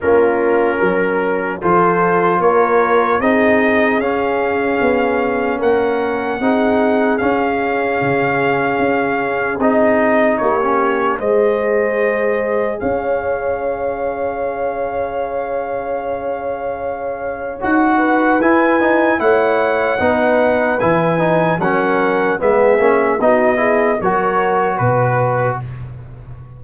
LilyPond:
<<
  \new Staff \with { instrumentName = "trumpet" } { \time 4/4 \tempo 4 = 75 ais'2 c''4 cis''4 | dis''4 f''2 fis''4~ | fis''4 f''2. | dis''4 cis''4 dis''2 |
f''1~ | f''2 fis''4 gis''4 | fis''2 gis''4 fis''4 | e''4 dis''4 cis''4 b'4 | }
  \new Staff \with { instrumentName = "horn" } { \time 4/4 f'4 ais'4 a'4 ais'4 | gis'2. ais'4 | gis'1~ | gis'4 g'4 c''2 |
cis''1~ | cis''2~ cis''8 b'4. | cis''4 b'2 ais'4 | gis'4 fis'8 gis'8 ais'4 b'4 | }
  \new Staff \with { instrumentName = "trombone" } { \time 4/4 cis'2 f'2 | dis'4 cis'2. | dis'4 cis'2. | dis'4~ dis'16 cis'8. gis'2~ |
gis'1~ | gis'2 fis'4 e'8 dis'8 | e'4 dis'4 e'8 dis'8 cis'4 | b8 cis'8 dis'8 e'8 fis'2 | }
  \new Staff \with { instrumentName = "tuba" } { \time 4/4 ais4 fis4 f4 ais4 | c'4 cis'4 b4 ais4 | c'4 cis'4 cis4 cis'4 | c'4 ais4 gis2 |
cis'1~ | cis'2 dis'4 e'4 | a4 b4 e4 fis4 | gis8 ais8 b4 fis4 b,4 | }
>>